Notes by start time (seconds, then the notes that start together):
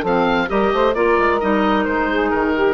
0.00 F3 C4 A4
0.06 F5
0.48 G3 G4 A#4 D#5
0.73 A3 C5
0.95 A#3 F4 A#4 D5
1.18 G#3
1.40 G3 D#4 D#5
1.84 G#3 C5
2.10 G#4
2.30 D#3 A#4
2.55 G4